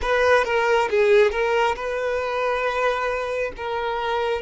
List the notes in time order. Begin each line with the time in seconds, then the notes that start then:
0.01 B4
0.44 A#4
0.89 G#4
1.31 A#4
1.75 B4
3.57 A#4